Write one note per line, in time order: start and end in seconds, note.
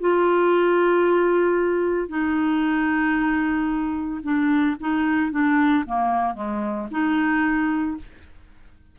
0.00 2.08 F4
2.08 4.21 D#4
4.23 4.76 D4
4.80 5.31 D#4
5.31 5.84 D4
5.86 6.34 A#3
6.34 6.87 G#3
6.91 7.97 D#4